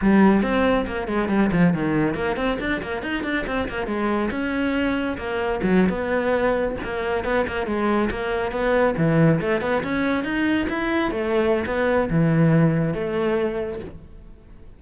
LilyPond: \new Staff \with { instrumentName = "cello" } { \time 4/4 \tempo 4 = 139 g4 c'4 ais8 gis8 g8 f8 | dis4 ais8 c'8 d'8 ais8 dis'8 d'8 | c'8 ais8 gis4 cis'2 | ais4 fis8. b2 ais16~ |
ais8. b8 ais8 gis4 ais4 b16~ | b8. e4 a8 b8 cis'4 dis'16~ | dis'8. e'4 a4~ a16 b4 | e2 a2 | }